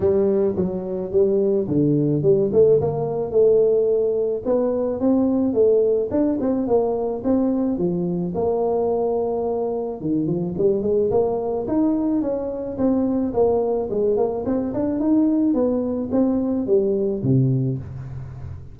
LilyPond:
\new Staff \with { instrumentName = "tuba" } { \time 4/4 \tempo 4 = 108 g4 fis4 g4 d4 | g8 a8 ais4 a2 | b4 c'4 a4 d'8 c'8 | ais4 c'4 f4 ais4~ |
ais2 dis8 f8 g8 gis8 | ais4 dis'4 cis'4 c'4 | ais4 gis8 ais8 c'8 d'8 dis'4 | b4 c'4 g4 c4 | }